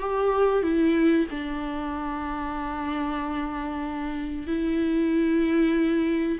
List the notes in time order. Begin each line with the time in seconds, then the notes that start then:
0.00 G4
0.63 E4
1.31 D4
4.47 E4